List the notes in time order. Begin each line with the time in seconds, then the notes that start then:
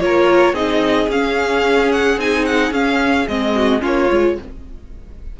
0.00 A#3 F4 A#4 C#5
0.53 C4 D#4 G#4 D#5
1.08 C#4 F5
1.92 F#5
2.17 C4 D#4 G#5
2.45 F#5
2.71 C#4 F5
3.27 G#3 C4 D#5
3.55 F#4
3.79 A#3 C#4 F4 C#5
4.10 G#3 F4